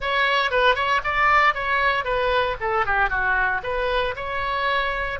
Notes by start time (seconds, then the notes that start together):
0.00 C#5
0.51 B4
0.75 C#5
1.04 D5
1.54 C#5
2.04 B4
2.60 A4
2.85 G4
3.09 F#4
3.63 B4
4.15 C#5